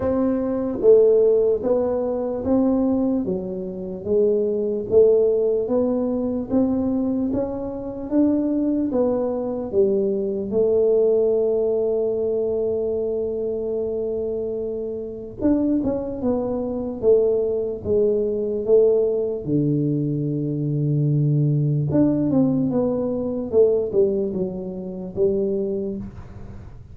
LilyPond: \new Staff \with { instrumentName = "tuba" } { \time 4/4 \tempo 4 = 74 c'4 a4 b4 c'4 | fis4 gis4 a4 b4 | c'4 cis'4 d'4 b4 | g4 a2.~ |
a2. d'8 cis'8 | b4 a4 gis4 a4 | d2. d'8 c'8 | b4 a8 g8 fis4 g4 | }